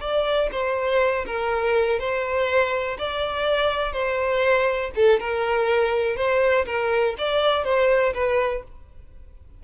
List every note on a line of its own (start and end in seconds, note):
0.00 0.49 D5
0.51 1.25 C5
1.26 1.99 A#4
1.99 2.97 C5
2.98 3.93 D5
3.93 4.91 C5
4.95 5.19 A4
5.19 6.16 A#4
6.16 6.65 C5
6.65 7.14 A#4
7.18 7.64 D5
7.64 8.13 C5
8.13 8.63 B4